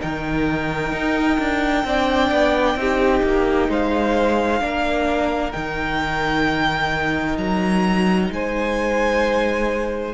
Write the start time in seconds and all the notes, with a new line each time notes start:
0.00 D#3 D#4 A#4 G5
0.92 D#4
1.39 D4
1.84 C4 D4 D5
2.31 B3
2.75 C4 D#4 G4
3.23 A#3
3.69 G#3 C5 F5
4.60 A#3 D4 A#4
5.52 D#3 D#4 G5
7.37 F#3 A#5
8.30 G#3 C5 G#5